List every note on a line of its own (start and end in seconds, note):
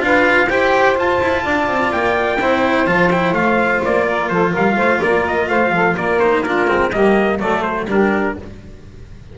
0.00 0.48 D4
0.00 0.48 F4
0.00 0.49 B4
0.00 0.50 F5
0.49 0.96 E4
0.49 0.95 G4
0.49 1.44 C5
0.49 0.98 G5
0.95 2.38 F4
0.95 1.20 F4
0.95 1.92 A5
1.21 1.45 E4
1.44 1.68 D4
1.44 2.39 D5
1.68 1.92 C4
1.92 2.40 A#3
1.92 2.87 G5
2.41 2.87 C4
2.41 2.87 E4
2.41 4.08 C5
2.87 3.33 F3
2.87 3.11 F4
2.87 3.10 A5
3.11 3.34 E4
3.11 3.34 G5
3.33 3.80 A3
3.33 6.20 F4
3.33 3.82 F5
3.85 4.30 A#3
3.85 4.29 D5
4.08 4.32 A#4
4.29 4.54 F3
4.29 4.51 A4
4.29 4.53 C5
4.51 4.76 G3
4.51 4.75 A#4
4.51 5.02 F5
4.76 5.00 A3
4.76 5.00 C5
5.01 5.49 A#3
5.01 5.49 A#4
5.01 5.26 D5
5.28 5.49 D#5
5.49 5.72 A3
5.49 5.73 C5
5.49 5.96 F5
5.72 5.95 F3
5.72 5.95 A4
5.95 6.68 A#3
5.95 6.43 A#4
5.95 6.20 D5
6.20 6.46 D#4
6.20 6.43 C5
6.43 6.68 D4
6.43 6.92 F4
6.43 6.91 A#4
6.68 6.94 G#3
6.68 6.91 C4
6.92 7.39 G3
6.92 7.39 A#3
6.92 7.38 G4
6.92 7.39 D#5
7.38 7.85 F#3
7.38 7.87 A3
7.38 7.86 A4
7.38 7.62 D5
7.62 7.86 C5
7.85 8.33 G3
7.85 8.37 D4
7.85 8.38 G4
7.85 8.38 A#4